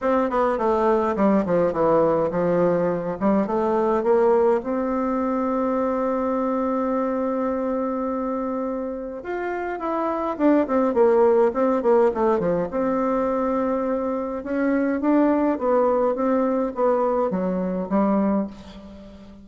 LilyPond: \new Staff \with { instrumentName = "bassoon" } { \time 4/4 \tempo 4 = 104 c'8 b8 a4 g8 f8 e4 | f4. g8 a4 ais4 | c'1~ | c'1 |
f'4 e'4 d'8 c'8 ais4 | c'8 ais8 a8 f8 c'2~ | c'4 cis'4 d'4 b4 | c'4 b4 fis4 g4 | }